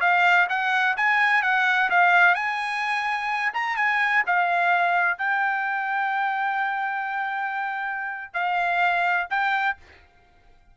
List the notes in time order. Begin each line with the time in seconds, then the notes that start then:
0.00 F5
0.49 F#5
0.97 G#5
1.42 F#5
1.90 F5
2.34 G#5
3.53 A#5
3.76 G#5
4.26 F5
5.18 G5
8.33 F5
9.30 G5